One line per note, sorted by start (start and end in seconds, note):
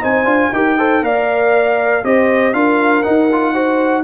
0.00 0.24 C4
0.00 0.25 D#4
0.00 0.51 C5
0.00 0.53 G#5
0.24 0.50 D4
0.24 0.50 F4
0.52 1.01 D#4
0.52 0.78 G4
0.52 0.77 A#4
0.52 1.03 G5
0.77 1.02 A4
0.77 1.02 C5
1.01 2.02 A#3
1.01 2.03 A#4
1.01 2.05 D5
1.01 2.04 F5
2.03 2.53 C4
2.03 2.54 G4
2.03 2.55 C5
2.03 2.53 D#5
2.53 3.03 D4
2.53 3.03 F4
2.53 3.53 A#4
2.53 3.02 F5
3.02 3.28 D#4
3.02 4.03 D#4
3.02 4.03 F#5
3.32 3.54 F4
3.53 4.03 F#4
3.53 4.03 C5